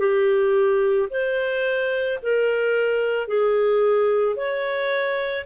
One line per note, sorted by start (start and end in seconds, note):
0.00 1.09 G4
1.10 2.19 C5
2.23 3.28 A#4
3.28 4.36 G#4
4.36 5.45 C#5